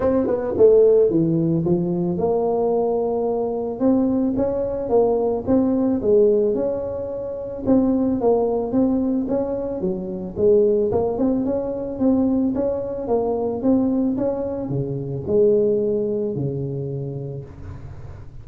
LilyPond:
\new Staff \with { instrumentName = "tuba" } { \time 4/4 \tempo 4 = 110 c'8 b8 a4 e4 f4 | ais2. c'4 | cis'4 ais4 c'4 gis4 | cis'2 c'4 ais4 |
c'4 cis'4 fis4 gis4 | ais8 c'8 cis'4 c'4 cis'4 | ais4 c'4 cis'4 cis4 | gis2 cis2 | }